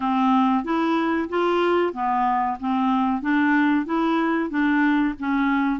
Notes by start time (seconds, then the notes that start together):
0.00 C4
0.64 E4
1.29 F4
1.93 B3
2.60 C4
3.21 D4
3.85 E4
4.50 D4
5.19 C#4